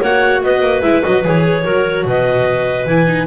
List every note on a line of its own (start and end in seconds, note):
0.00 0.42 A#3
0.00 0.83 F#4
0.00 0.41 C#5
0.00 0.43 F#5
0.42 0.60 B3
0.42 1.63 B4
0.42 0.82 D#5
0.60 0.81 A#3
0.82 1.04 G#3
0.82 1.02 E4
0.82 1.02 E5
1.02 1.24 F#3
1.02 1.23 F#4
1.02 1.24 D#5
1.24 1.64 E3
1.24 1.64 G#4
1.24 2.07 C#5
1.63 2.04 F#3
1.63 2.87 F#4
1.63 2.04 A#4
2.04 2.86 B2
2.04 3.27 B4
2.04 2.87 D#5
2.86 3.26 E3
2.86 3.06 E4
2.86 3.27 G#5
3.06 3.27 D#4